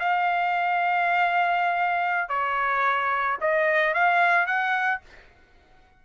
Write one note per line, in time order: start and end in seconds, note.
0.00 2.29 F5
2.29 3.38 C#5
3.41 3.94 D#5
3.94 4.47 F5
4.47 5.01 F#5